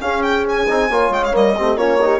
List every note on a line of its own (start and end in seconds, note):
0.00 0.66 C#4
0.00 0.68 C#4
0.00 0.90 G#4
0.00 0.22 F5
0.22 0.44 G5
0.49 1.13 G#5
0.68 0.89 C4
0.68 0.90 D#4
0.89 1.09 A#3
0.89 1.31 F4
0.89 1.56 C#5
1.09 1.31 G#3
1.09 1.24 G5
1.24 1.35 F5
1.31 1.57 G3
1.31 1.53 A#3
1.31 1.77 D#5
1.56 1.76 A3
1.56 1.77 C4
1.56 1.77 G4
1.76 2.20 A#3
1.76 1.99 C#4
1.76 2.00 F4
1.76 2.20 C#5
2.01 2.20 D#4
2.01 2.20 G4